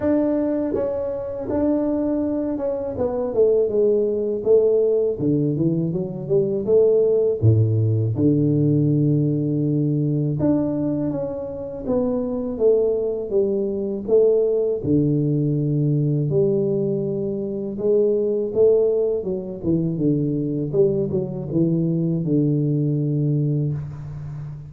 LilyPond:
\new Staff \with { instrumentName = "tuba" } { \time 4/4 \tempo 4 = 81 d'4 cis'4 d'4. cis'8 | b8 a8 gis4 a4 d8 e8 | fis8 g8 a4 a,4 d4~ | d2 d'4 cis'4 |
b4 a4 g4 a4 | d2 g2 | gis4 a4 fis8 e8 d4 | g8 fis8 e4 d2 | }